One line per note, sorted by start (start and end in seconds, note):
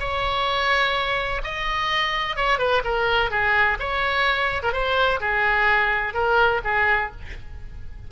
0.00 1.42 C#5
1.44 2.36 D#5
2.36 2.59 C#5
2.59 2.82 B4
2.84 3.30 A#4
3.30 3.78 G#4
3.80 4.62 C#5
4.63 4.73 A#4
4.73 5.20 C5
5.20 6.14 G#4
6.14 6.61 A#4
6.64 7.12 G#4